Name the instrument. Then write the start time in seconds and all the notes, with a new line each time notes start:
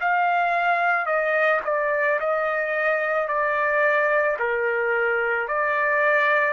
trumpet
0.00 F5
1.06 D#5
1.65 D5
2.20 D#5
3.28 D5
4.39 A#4
5.48 D5